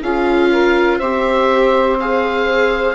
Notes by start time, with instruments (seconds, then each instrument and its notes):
0.00 bassoon C#4, viola F4, saxophone G#4, oboe F5
0.51 saxophone A#4
0.98 bassoon C4, viola G4, saxophone C5, oboe E5
1.99 viola G#4, oboe F5